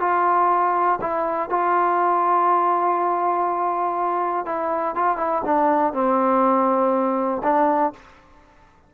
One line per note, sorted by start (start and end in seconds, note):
0.00 0.99 F4
1.01 1.49 E4
1.49 4.46 F4
4.46 4.95 E4
4.95 5.17 F4
5.17 5.42 E4
5.45 5.93 D4
5.93 7.42 C4
7.43 7.92 D4